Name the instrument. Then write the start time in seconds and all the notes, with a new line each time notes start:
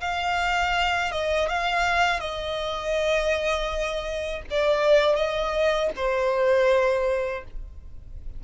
violin
0.00 F5
1.11 D#5
1.48 F5
2.20 D#5
4.50 D5
5.15 D#5
5.96 C5